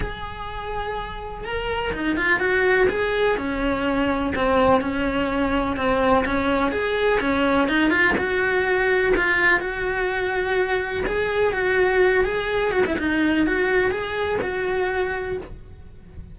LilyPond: \new Staff \with { instrumentName = "cello" } { \time 4/4 \tempo 4 = 125 gis'2. ais'4 | dis'8 f'8 fis'4 gis'4 cis'4~ | cis'4 c'4 cis'2 | c'4 cis'4 gis'4 cis'4 |
dis'8 f'8 fis'2 f'4 | fis'2. gis'4 | fis'4. gis'4 fis'16 e'16 dis'4 | fis'4 gis'4 fis'2 | }